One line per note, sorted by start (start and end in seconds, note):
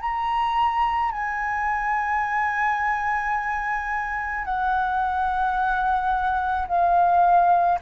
0.00 1.11 A#5
1.11 4.44 G#5
4.44 6.67 F#5
6.67 7.78 F5